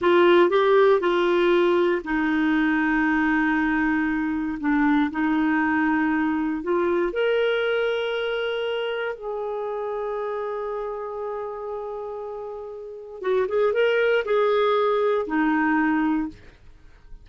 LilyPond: \new Staff \with { instrumentName = "clarinet" } { \time 4/4 \tempo 4 = 118 f'4 g'4 f'2 | dis'1~ | dis'4 d'4 dis'2~ | dis'4 f'4 ais'2~ |
ais'2 gis'2~ | gis'1~ | gis'2 fis'8 gis'8 ais'4 | gis'2 dis'2 | }